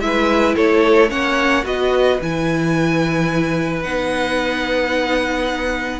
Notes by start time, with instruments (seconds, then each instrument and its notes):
0.00 cello G#3, viola E4, violin B4 E5
0.56 cello A3, violin A4 C#5
1.09 cello A#3, viola C#4, violin C#5 F#5
1.63 cello B3, viola F#4, violin B4 D#5
2.21 cello E3, viola E4, violin G#5
3.83 cello B3, viola D#4, violin F#5